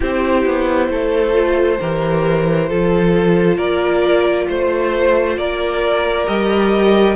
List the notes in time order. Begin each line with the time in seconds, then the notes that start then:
0.00 C4 E4 G4 C5
0.45 B3
0.89 A3 A4
1.32 F4
1.79 E3 G4 A#4
2.68 F3 F4 A4
3.56 A#3 A#4 D5
4.48 A3 C5
5.37 A#3 A#4 D5
6.26 G3 G4 D#5